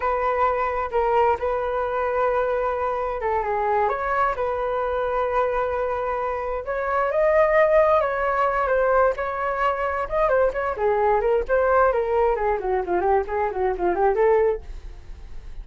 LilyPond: \new Staff \with { instrumentName = "flute" } { \time 4/4 \tempo 4 = 131 b'2 ais'4 b'4~ | b'2. a'8 gis'8~ | gis'8 cis''4 b'2~ b'8~ | b'2~ b'8 cis''4 dis''8~ |
dis''4. cis''4. c''4 | cis''2 dis''8 c''8 cis''8 gis'8~ | gis'8 ais'8 c''4 ais'4 gis'8 fis'8 | f'8 g'8 gis'8 fis'8 f'8 g'8 a'4 | }